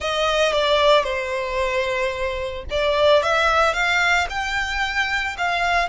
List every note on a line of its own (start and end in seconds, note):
0.00 0.52 D#5
0.52 1.03 D5
1.03 2.64 C5
2.70 3.22 D5
3.22 3.73 E5
3.73 4.27 F5
4.29 5.36 G5
5.37 5.88 F5